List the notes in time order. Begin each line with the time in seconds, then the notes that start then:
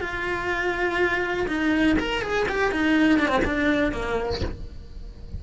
0.00 F4
1.47 D#4
1.99 A#4
2.22 G#4
2.48 G4
2.71 D#4
3.19 D4
3.27 C4
3.44 D4
3.92 A#3